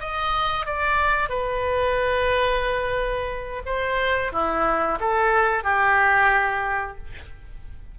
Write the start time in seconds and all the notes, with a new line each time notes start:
0.00 D#5
0.66 D5
1.29 B4
3.66 C5
4.32 E4
5.00 A4
5.64 G4